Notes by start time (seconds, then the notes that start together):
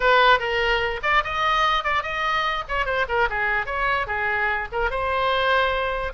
0.00 B4
0.39 A#4
1.03 D5
1.24 D#5
1.83 D5
2.03 D#5
2.68 C#5
2.85 C5
3.08 A#4
3.29 G#4
3.66 C#5
4.06 G#4
4.71 A#4
4.90 C5